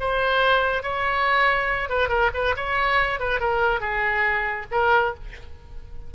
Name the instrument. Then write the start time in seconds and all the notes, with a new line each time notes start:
oboe
0.00 C5
0.83 C#5
1.89 B4
2.09 A#4
2.34 B4
2.56 C#5
3.19 B4
3.40 A#4
3.80 G#4
4.71 A#4